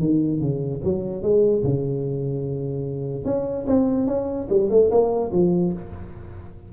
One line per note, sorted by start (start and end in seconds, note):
0.00 0.41 D#3
0.41 0.81 C#3
0.84 1.23 F#3
1.23 1.63 G#3
1.64 3.25 C#3
3.25 3.66 C#4
3.67 4.07 C4
4.07 4.48 C#4
4.50 4.70 G3
4.70 4.91 A3
4.91 5.32 A#3
5.32 5.73 F3